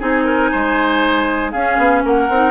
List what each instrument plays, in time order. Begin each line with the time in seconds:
0.00 bassoon C4, clarinet D#4, oboe G#4, flute G#5
0.25 oboe A#4
0.52 bassoon G#3, oboe C5
1.52 bassoon C#4, clarinet C#4, oboe G#4, flute F5
1.78 bassoon B3
2.05 bassoon A#3, oboe A#4, flute F#5
2.30 bassoon C4, clarinet D#4